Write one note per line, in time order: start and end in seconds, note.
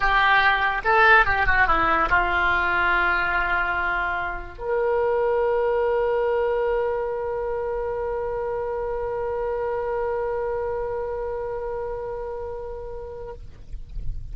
0.00 0.81 G4
0.84 1.25 A4
1.25 1.46 G4
1.46 1.67 F#4
1.67 2.09 E4
2.09 4.58 F4
4.58 13.33 A#4